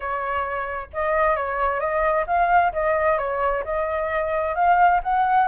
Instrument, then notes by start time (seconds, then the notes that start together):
flute
0.00 C#5
0.93 D#5
1.36 C#5
1.80 D#5
2.26 F5
2.73 D#5
3.18 C#5
3.64 D#5
4.55 F5
5.03 F#5